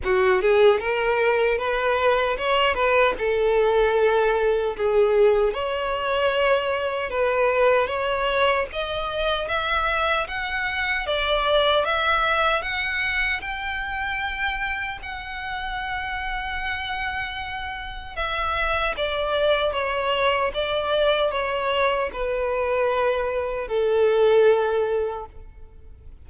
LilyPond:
\new Staff \with { instrumentName = "violin" } { \time 4/4 \tempo 4 = 76 fis'8 gis'8 ais'4 b'4 cis''8 b'8 | a'2 gis'4 cis''4~ | cis''4 b'4 cis''4 dis''4 | e''4 fis''4 d''4 e''4 |
fis''4 g''2 fis''4~ | fis''2. e''4 | d''4 cis''4 d''4 cis''4 | b'2 a'2 | }